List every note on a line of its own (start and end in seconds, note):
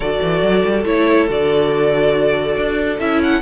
0.00 0.19 D3
0.00 0.85 F#4
0.00 3.41 A4
0.00 0.84 D5
0.21 0.42 E3
0.42 0.63 F#3
0.64 0.84 G3
0.84 1.27 A3
0.84 1.27 E4
0.84 1.28 C#5
1.28 2.56 D3
1.28 2.99 F#4
1.28 2.99 D5
2.56 2.98 D4
2.99 3.41 C#4
2.99 3.41 E4
2.99 3.20 E5
3.23 3.41 F#5